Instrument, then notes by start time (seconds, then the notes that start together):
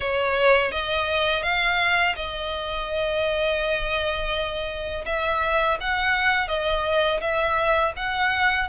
violin
0.00 C#5
0.71 D#5
1.43 F5
2.15 D#5
5.05 E5
5.80 F#5
6.48 D#5
7.21 E5
7.96 F#5